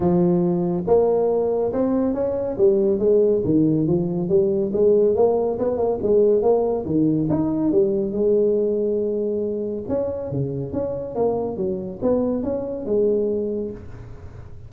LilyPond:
\new Staff \with { instrumentName = "tuba" } { \time 4/4 \tempo 4 = 140 f2 ais2 | c'4 cis'4 g4 gis4 | dis4 f4 g4 gis4 | ais4 b8 ais8 gis4 ais4 |
dis4 dis'4 g4 gis4~ | gis2. cis'4 | cis4 cis'4 ais4 fis4 | b4 cis'4 gis2 | }